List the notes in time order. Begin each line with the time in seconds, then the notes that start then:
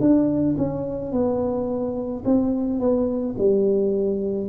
0.00 D4
0.57 C#4
1.12 B3
2.24 C4
2.79 B3
3.37 G3